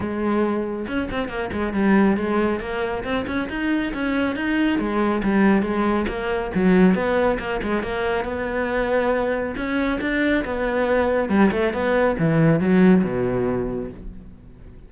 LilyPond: \new Staff \with { instrumentName = "cello" } { \time 4/4 \tempo 4 = 138 gis2 cis'8 c'8 ais8 gis8 | g4 gis4 ais4 c'8 cis'8 | dis'4 cis'4 dis'4 gis4 | g4 gis4 ais4 fis4 |
b4 ais8 gis8 ais4 b4~ | b2 cis'4 d'4 | b2 g8 a8 b4 | e4 fis4 b,2 | }